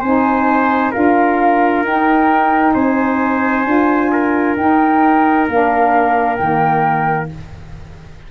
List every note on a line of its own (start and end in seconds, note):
0.00 0.92 C4
0.00 0.93 D#4
0.00 0.91 C5
0.00 0.92 G#5
0.91 1.83 D4
0.91 1.84 F4
0.91 2.73 A#4
0.91 1.84 F5
1.83 2.73 D#4
1.83 3.65 D#4
1.83 2.73 G5
2.73 3.65 C4
2.73 4.10 C5
2.73 4.55 G#5
3.65 4.56 D4
3.65 4.56 F4
4.12 7.30 A#4
4.56 5.47 D#4
4.56 5.49 D#4
4.56 5.47 G5
5.48 6.39 A#3
5.48 6.38 D4
5.48 6.35 F5
6.35 7.30 D#3
6.35 7.29 A#3
6.35 7.26 G5